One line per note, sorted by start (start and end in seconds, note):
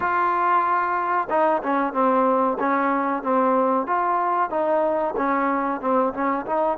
0.00 1.28 F4
1.29 1.62 D#4
1.62 1.93 C#4
1.93 2.57 C4
2.59 3.23 C#4
3.23 3.86 C4
3.86 4.50 F4
4.50 5.14 D#4
5.16 5.80 C#4
5.80 6.13 C4
6.13 6.45 C#4
6.45 6.77 D#4